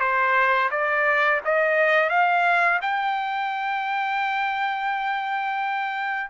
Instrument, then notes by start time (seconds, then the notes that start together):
trumpet
0.00 C5
0.71 D5
1.45 D#5
2.10 F5
2.82 G5